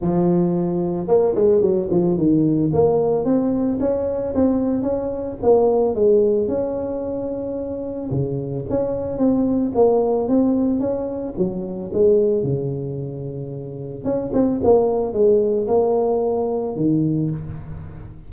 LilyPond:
\new Staff \with { instrumentName = "tuba" } { \time 4/4 \tempo 4 = 111 f2 ais8 gis8 fis8 f8 | dis4 ais4 c'4 cis'4 | c'4 cis'4 ais4 gis4 | cis'2. cis4 |
cis'4 c'4 ais4 c'4 | cis'4 fis4 gis4 cis4~ | cis2 cis'8 c'8 ais4 | gis4 ais2 dis4 | }